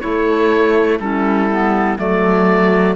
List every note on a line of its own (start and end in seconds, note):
0.00 0.99 A3
0.00 0.98 E4
0.00 1.00 A4
0.00 0.99 C#5
0.99 1.98 G3
0.99 1.50 C#4
0.99 1.98 E4
0.99 1.98 A4
1.50 1.97 B3
1.97 2.95 F#3
1.97 2.95 A3
1.97 2.95 A4
1.97 2.95 D5